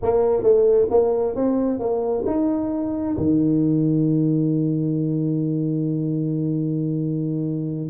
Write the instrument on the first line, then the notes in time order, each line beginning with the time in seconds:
tuba
0.02 A#3
0.42 A3
0.90 A#3
1.35 C4
1.79 A#3
2.26 D#4
3.17 D#3